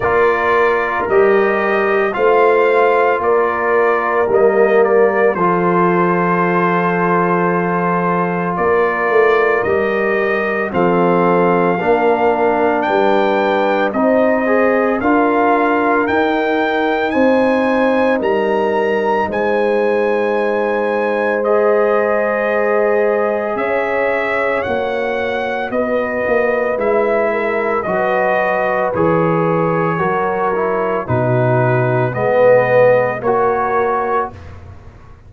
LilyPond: <<
  \new Staff \with { instrumentName = "trumpet" } { \time 4/4 \tempo 4 = 56 d''4 dis''4 f''4 d''4 | dis''8 d''8 c''2. | d''4 dis''4 f''2 | g''4 dis''4 f''4 g''4 |
gis''4 ais''4 gis''2 | dis''2 e''4 fis''4 | dis''4 e''4 dis''4 cis''4~ | cis''4 b'4 dis''4 cis''4 | }
  \new Staff \with { instrumentName = "horn" } { \time 4/4 ais'2 c''4 ais'4~ | ais'4 a'2. | ais'2 a'4 ais'4 | b'4 c''4 ais'2 |
c''4 ais'4 c''2~ | c''2 cis''2 | b'4. ais'8 b'2 | ais'4 fis'4 b'4 ais'4 | }
  \new Staff \with { instrumentName = "trombone" } { \time 4/4 f'4 g'4 f'2 | ais4 f'2.~ | f'4 g'4 c'4 d'4~ | d'4 dis'8 gis'8 f'4 dis'4~ |
dis'1 | gis'2. fis'4~ | fis'4 e'4 fis'4 gis'4 | fis'8 e'8 dis'4 b4 fis'4 | }
  \new Staff \with { instrumentName = "tuba" } { \time 4/4 ais4 g4 a4 ais4 | g4 f2. | ais8 a8 g4 f4 ais4 | g4 c'4 d'4 dis'4 |
c'4 g4 gis2~ | gis2 cis'4 ais4 | b8 ais8 gis4 fis4 e4 | fis4 b,4 gis4 ais4 | }
>>